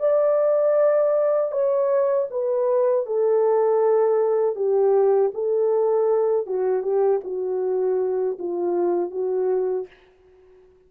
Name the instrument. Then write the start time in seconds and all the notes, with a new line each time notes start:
horn
0.00 D5
1.52 C#5
2.31 B4
3.07 A4
4.56 G4
5.34 A4
6.47 F#4
6.83 G4
7.24 F#4
8.39 F4
9.11 F#4